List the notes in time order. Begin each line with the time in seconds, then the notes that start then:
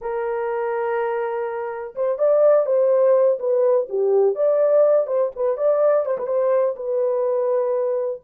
0.01 A#4
1.95 C5
2.18 D5
2.65 C5
3.39 B4
3.89 G4
4.35 D5
5.07 C5
5.35 B4
5.57 D5
6.05 C5
6.18 B4
6.26 C5
6.75 B4